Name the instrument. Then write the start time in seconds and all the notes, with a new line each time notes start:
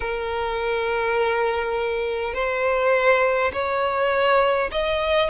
violin
0.00 A#4
2.34 C5
3.52 C#5
4.71 D#5